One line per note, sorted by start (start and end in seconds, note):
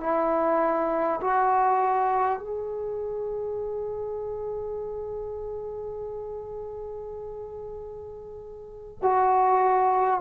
0.00 1.20 E4
1.21 2.39 F#4
2.39 8.99 G#4
9.02 10.21 F#4